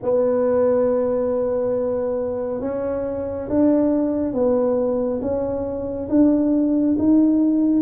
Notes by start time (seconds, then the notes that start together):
0.02 B3
2.60 C#4
3.49 D4
4.33 B3
5.21 C#4
6.09 D4
6.98 D#4